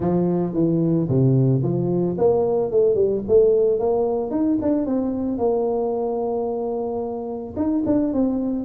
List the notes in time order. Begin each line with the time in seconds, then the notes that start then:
0.00 F3
0.53 E3
1.08 C3
1.62 F3
2.17 A#3
2.71 A3
2.94 G3
3.28 A3
3.79 A#3
4.30 D#4
4.61 D4
4.86 C4
5.38 A#3
7.56 D#4
7.86 D4
8.13 C4